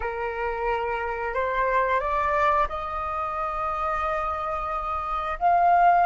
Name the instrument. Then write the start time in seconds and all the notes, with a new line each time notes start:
flute
0.00 A#4
1.34 C5
1.99 D5
2.68 D#5
5.39 F5